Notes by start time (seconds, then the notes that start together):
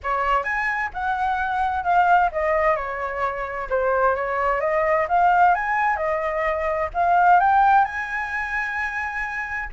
0.03 C#5
0.43 G#5
0.93 F#5
1.83 F5
2.31 D#5
2.76 C#5
3.69 C5
4.15 C#5
4.60 D#5
5.08 F5
5.54 G#5
5.96 D#5
6.94 F5
7.40 G5
7.84 G#5